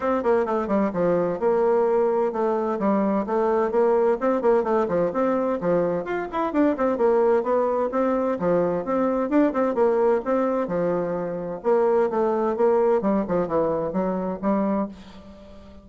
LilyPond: \new Staff \with { instrumentName = "bassoon" } { \time 4/4 \tempo 4 = 129 c'8 ais8 a8 g8 f4 ais4~ | ais4 a4 g4 a4 | ais4 c'8 ais8 a8 f8 c'4 | f4 f'8 e'8 d'8 c'8 ais4 |
b4 c'4 f4 c'4 | d'8 c'8 ais4 c'4 f4~ | f4 ais4 a4 ais4 | g8 f8 e4 fis4 g4 | }